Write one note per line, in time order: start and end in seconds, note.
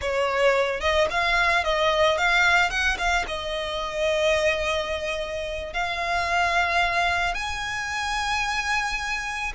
0.01 0.80 C#5
0.80 1.07 D#5
1.10 1.63 F5
1.63 2.17 D#5
2.17 2.70 F5
2.70 2.97 F#5
2.98 3.25 F5
3.27 5.73 D#5
5.73 7.34 F5
7.34 9.52 G#5